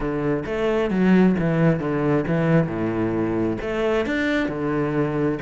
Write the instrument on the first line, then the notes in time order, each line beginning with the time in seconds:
cello
0.00 D3
0.45 A3
0.90 F#3
1.39 E3
1.79 D3
2.27 E3
2.67 A2
3.61 A3
4.06 D4
4.48 D3